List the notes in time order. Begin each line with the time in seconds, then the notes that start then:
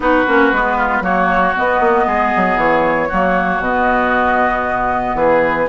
0.00 B3 D#4 F#4 B4
0.27 A#3 C#4
0.52 G#3 B3
0.77 F4
1.01 F#3 A#3 F#4 C#5
1.55 B3 D#5
1.80 A#3
2.06 G#3 G#4
2.36 F#3
2.56 E3 C#5
3.08 F#3 A#3 F#4
3.58 B2 B3 D#5
5.14 E3 G#4 B4